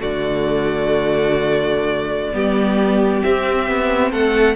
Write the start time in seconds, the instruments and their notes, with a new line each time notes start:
0.00 cello D3, viola A3, violin F#4 D5
2.33 cello G3, viola B3, violin G4
3.21 viola C4, cello C4, violin E5
3.68 cello B3
4.11 cello A3, violin A4 F#5